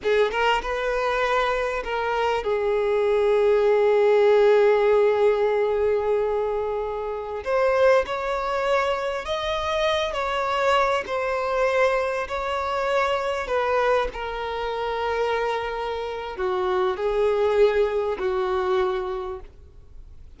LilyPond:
\new Staff \with { instrumentName = "violin" } { \time 4/4 \tempo 4 = 99 gis'8 ais'8 b'2 ais'4 | gis'1~ | gis'1~ | gis'16 c''4 cis''2 dis''8.~ |
dis''8. cis''4. c''4.~ c''16~ | c''16 cis''2 b'4 ais'8.~ | ais'2. fis'4 | gis'2 fis'2 | }